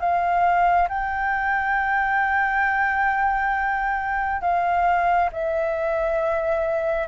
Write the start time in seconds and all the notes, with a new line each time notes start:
0.00 F5
0.89 G5
4.42 F5
5.32 E5